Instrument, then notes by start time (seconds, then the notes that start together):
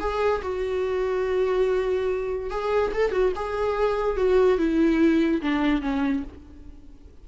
viola
0.00 G#4
0.42 F#4
2.51 G#4
2.94 A4
3.12 F#4
3.36 G#4
4.17 F#4
4.58 E4
5.42 D4
5.82 C#4